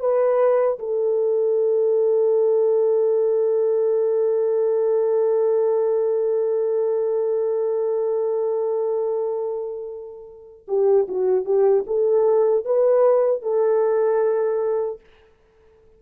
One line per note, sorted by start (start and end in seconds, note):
0.00 0.79 B4
0.79 10.66 A4
10.68 11.07 G4
11.09 11.45 F#4
11.45 11.85 G4
11.87 12.65 A4
12.65 13.42 B4
13.42 15.00 A4